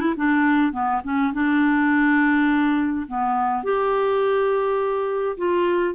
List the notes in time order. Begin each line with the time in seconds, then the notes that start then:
0.00 E4
0.17 D4
0.72 B3
1.04 C#4
1.33 D4
3.07 B3
3.64 G4
5.37 F4